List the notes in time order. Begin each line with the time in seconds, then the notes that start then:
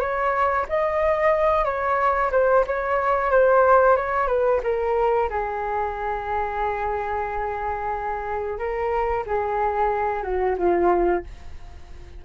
0.00 C#5
0.69 D#5
1.65 C#5
2.32 C5
2.66 C#5
3.31 C5
3.96 C#5
4.27 B4
4.63 A#4
5.29 G#4
8.58 A#4
9.26 G#4
10.23 F#4
10.58 F4